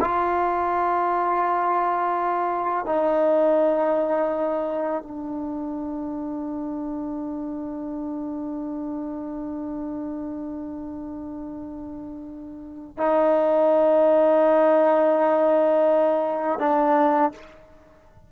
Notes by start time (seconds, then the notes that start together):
0.00 F4
2.86 D#4
5.02 D4
12.97 D#4
16.59 D4